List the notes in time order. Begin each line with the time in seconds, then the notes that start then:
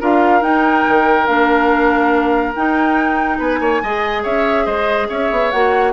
0.00 D4 F4 A#4 F5
0.41 D#4 G5
0.88 D#3
1.26 A#3 D4 F5
2.55 D#4 G5
3.38 B3 B4 G#5
3.60 A#3 C#5
3.83 G#3 G#4 D#5
4.23 C#4 C#5 E5
4.65 G#3 C5 D#5
5.09 C#4 C#5 E5
5.31 B3
5.51 A#3 F#4 F#5